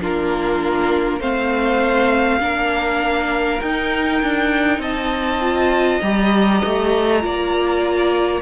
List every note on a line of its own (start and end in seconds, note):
0.00 1.20 A#3
0.00 1.20 D4
0.00 1.19 F4
0.00 1.22 A#4
1.19 2.40 A3
1.19 2.40 C4
1.19 2.39 C5
1.19 3.61 F5
2.40 3.60 A#3
2.40 3.60 D4
2.40 4.81 A#4
3.61 4.22 D#4
3.61 5.41 D#4
3.61 4.81 G5
4.22 4.78 D4
4.78 5.98 C4
4.78 7.21 D#5
4.78 6.00 A5
5.41 6.01 F4
6.00 6.62 G3
6.00 7.21 G4
6.00 8.40 A#5
6.64 7.24 A3
7.21 8.41 A#3
7.21 8.40 F4
7.21 8.41 D5